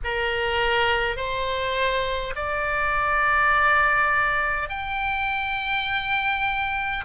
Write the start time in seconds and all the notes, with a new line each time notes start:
0.03 A#4
1.16 C5
2.35 D5
4.69 G5